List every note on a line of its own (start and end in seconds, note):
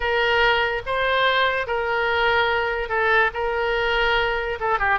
0.00 0.82 A#4
0.86 1.67 C5
1.67 2.89 A#4
2.89 3.30 A4
3.33 4.58 A#4
4.60 4.78 A4
4.78 4.99 G4